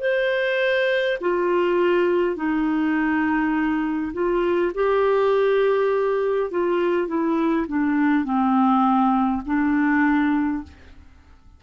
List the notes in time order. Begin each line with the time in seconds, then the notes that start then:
0.00 C5
1.20 F4
2.36 D#4
4.13 F4
4.74 G4
6.51 F4
7.07 E4
7.67 D4
8.24 C4
9.45 D4